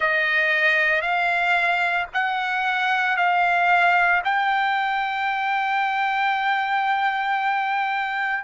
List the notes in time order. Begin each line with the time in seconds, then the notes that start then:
0.00 D#5
1.01 F5
2.13 F#5
3.16 F5
4.24 G5